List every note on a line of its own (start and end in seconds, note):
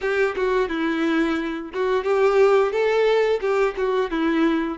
0.01 0.35 G4
0.36 0.68 F#4
0.68 1.71 E4
1.73 2.04 F#4
2.04 2.71 G4
2.71 3.40 A4
3.40 3.74 G4
3.77 4.10 F#4
4.10 4.78 E4